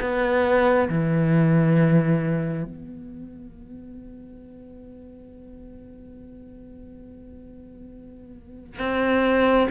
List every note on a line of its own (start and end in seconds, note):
0.00 0.88 B3
0.89 2.64 E3
2.64 8.79 B3
8.79 9.67 C4